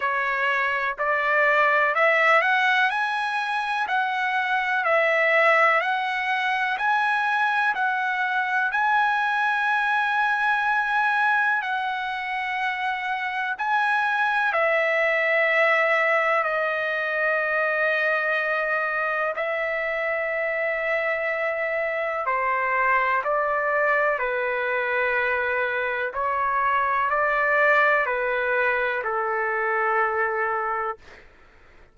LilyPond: \new Staff \with { instrumentName = "trumpet" } { \time 4/4 \tempo 4 = 62 cis''4 d''4 e''8 fis''8 gis''4 | fis''4 e''4 fis''4 gis''4 | fis''4 gis''2. | fis''2 gis''4 e''4~ |
e''4 dis''2. | e''2. c''4 | d''4 b'2 cis''4 | d''4 b'4 a'2 | }